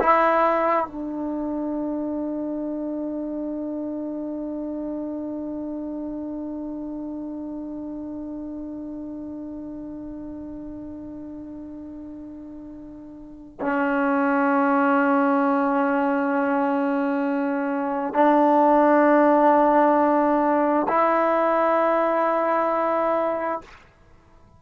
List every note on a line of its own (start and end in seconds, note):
0.00 0.86 E4
0.86 13.59 D4
13.60 18.14 C#4
18.14 20.86 D4
20.88 23.61 E4